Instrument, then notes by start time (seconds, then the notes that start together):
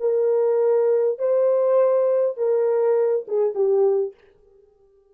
horn
0.00 A#4
1.19 C5
2.37 A#4
3.28 G#4
3.55 G4